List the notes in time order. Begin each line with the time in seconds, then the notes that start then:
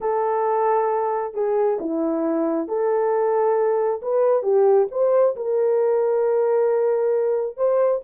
0.01 A4
1.34 G#4
1.80 E4
2.68 A4
4.02 B4
4.43 G4
4.91 C5
5.36 A#4
7.56 C5